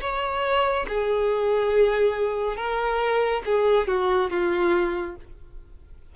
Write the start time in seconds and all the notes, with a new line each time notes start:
0.00 C#5
0.88 G#4
2.56 A#4
3.45 G#4
3.87 F#4
4.30 F4